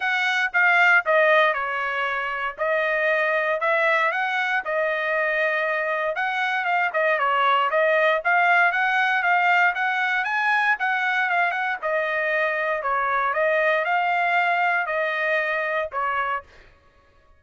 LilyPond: \new Staff \with { instrumentName = "trumpet" } { \time 4/4 \tempo 4 = 117 fis''4 f''4 dis''4 cis''4~ | cis''4 dis''2 e''4 | fis''4 dis''2. | fis''4 f''8 dis''8 cis''4 dis''4 |
f''4 fis''4 f''4 fis''4 | gis''4 fis''4 f''8 fis''8 dis''4~ | dis''4 cis''4 dis''4 f''4~ | f''4 dis''2 cis''4 | }